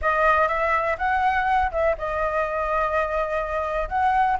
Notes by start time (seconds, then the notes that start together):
0.01 D#5
0.47 E5
0.98 F#5
1.71 E5
1.98 D#5
3.88 F#5